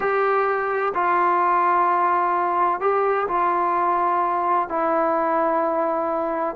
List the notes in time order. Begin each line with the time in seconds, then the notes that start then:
0.00 G4
0.94 F4
2.80 G4
3.28 F4
4.69 E4